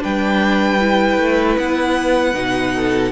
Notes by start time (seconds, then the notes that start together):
0.00 G3 D4 B4 G5
0.80 E4
1.18 A3
1.57 B3 F#5
2.33 B2 D#4
2.74 A4